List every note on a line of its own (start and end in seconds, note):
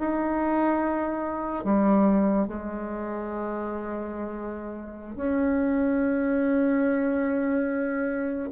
0.00 1.65 D#4
1.65 2.48 G3
2.48 5.16 G#3
5.16 8.49 C#4